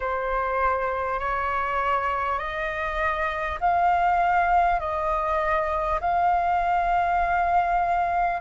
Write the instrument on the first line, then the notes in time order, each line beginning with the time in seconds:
flute
0.00 C5
1.19 C#5
2.38 D#5
3.60 F5
4.79 D#5
6.01 F5